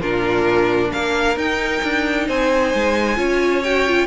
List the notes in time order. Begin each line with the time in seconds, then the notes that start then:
0.00 A#2 D4 F4 A#4
0.92 A#3 A#4 F5
1.36 D#4 G5
1.83 D4
2.27 C4 C5 G#5
2.73 G#3
3.16 C#4 F4 C#5
3.63 F#4 G5
3.87 F4